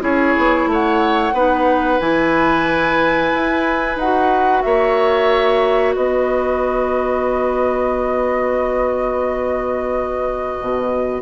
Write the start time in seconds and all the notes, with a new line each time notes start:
0.00 C#4 E4 G#4 C#5
0.37 B3
0.66 A3 C#5
0.72 F#5
1.33 B3 D#4 B4
1.99 E3 E4 G#5
3.34 E4
3.95 D#4 F#5
4.02 F#4
4.62 A#3 C#5 E5
5.95 B3 B4 D#5
10.60 B2